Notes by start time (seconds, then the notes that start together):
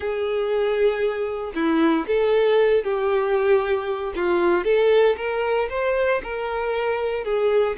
0.00 G#4
1.54 E4
2.07 A4
2.83 G4
4.15 F4
4.64 A4
5.17 A#4
5.69 C5
6.23 A#4
7.24 G#4